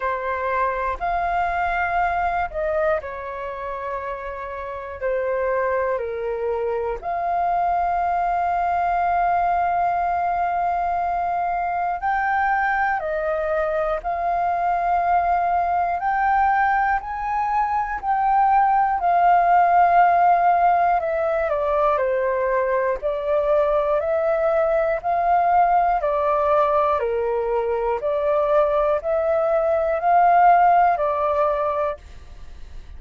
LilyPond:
\new Staff \with { instrumentName = "flute" } { \time 4/4 \tempo 4 = 60 c''4 f''4. dis''8 cis''4~ | cis''4 c''4 ais'4 f''4~ | f''1 | g''4 dis''4 f''2 |
g''4 gis''4 g''4 f''4~ | f''4 e''8 d''8 c''4 d''4 | e''4 f''4 d''4 ais'4 | d''4 e''4 f''4 d''4 | }